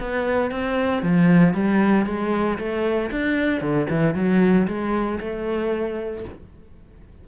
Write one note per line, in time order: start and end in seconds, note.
0.00 0.51 B3
0.51 1.02 C4
1.02 1.54 F3
1.54 2.06 G3
2.06 2.58 G#3
2.58 3.10 A3
3.11 3.61 D4
3.61 3.87 D3
3.90 4.15 E3
4.15 4.67 F#3
4.67 5.19 G#3
5.20 6.25 A3